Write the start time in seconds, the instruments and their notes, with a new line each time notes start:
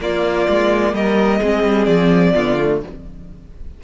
0.00 cello A#3, viola A#3, violin F4 D5
0.49 cello G#3
0.94 cello G3, violin A#4 D#5
1.40 cello G#3, viola C4, violin G#4
1.63 cello G3
1.85 cello F3, violin D5
2.34 cello D3, viola B3, violin F4
2.59 viola A3